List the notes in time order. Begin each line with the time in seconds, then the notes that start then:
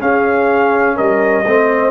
0.00 C#4 G#4 F5
0.96 G3 A#4 D#5
1.46 A3 C4 C5